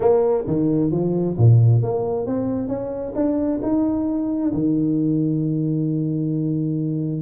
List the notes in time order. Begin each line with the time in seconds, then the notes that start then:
0.00 A#3
0.46 D#3
0.91 F3
1.37 A#2
1.82 A#3
2.26 C4
2.68 C#4
3.15 D4
3.62 D#4
4.53 D#3